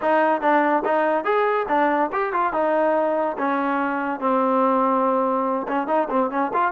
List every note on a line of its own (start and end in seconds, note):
0.01 0.41 D#4
0.41 0.83 D4
0.84 1.24 D#4
1.24 1.66 G#4
1.68 2.10 D4
2.12 2.32 G4
2.32 2.52 F4
2.52 3.36 D#4
3.38 4.19 C#4
4.19 5.66 C4
5.68 5.87 C#4
5.87 6.08 D#4
6.09 6.30 C4
6.30 6.51 C#4
6.53 6.71 F4